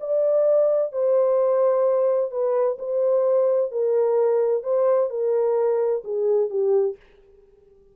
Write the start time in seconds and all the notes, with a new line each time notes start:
0.00 D5
0.92 C5
2.30 B4
2.78 C5
3.71 A#4
4.63 C5
5.09 A#4
6.04 G#4
6.49 G4